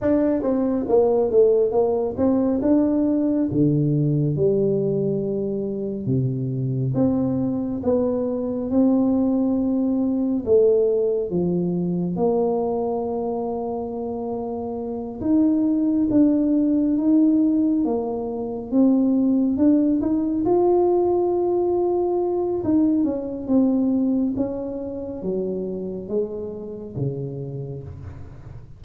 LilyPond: \new Staff \with { instrumentName = "tuba" } { \time 4/4 \tempo 4 = 69 d'8 c'8 ais8 a8 ais8 c'8 d'4 | d4 g2 c4 | c'4 b4 c'2 | a4 f4 ais2~ |
ais4. dis'4 d'4 dis'8~ | dis'8 ais4 c'4 d'8 dis'8 f'8~ | f'2 dis'8 cis'8 c'4 | cis'4 fis4 gis4 cis4 | }